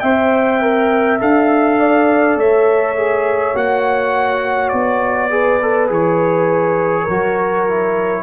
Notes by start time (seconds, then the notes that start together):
0.00 C4 C5 E5 G5
0.62 A#4
1.20 D4 A4 F5
1.79 D5
2.36 A3 C#5 E5
2.96 G#4
3.54 A#3 F#4 F#5
4.69 B3 D5
5.30 G#4 B4
5.62 A4
5.90 E3 G#4 C#5
7.04 F#3 A#4
7.10 F#4
7.69 E4